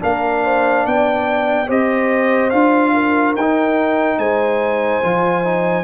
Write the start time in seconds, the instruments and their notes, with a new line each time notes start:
0.00 tuba A#3, trombone D4, horn A#4, trumpet F5
0.44 horn C5
0.86 tuba B3, horn D5, trumpet G5
1.67 tuba C4, trombone G4, horn C5, trumpet D#5
2.50 tuba D4, trombone F4, trumpet F5
2.94 horn A#4
3.36 tuba D#4, trombone D#4, trumpet G5
4.18 tuba G#3, horn C5, trumpet G#5
5.03 tuba F3, trombone F4
5.44 trombone D#4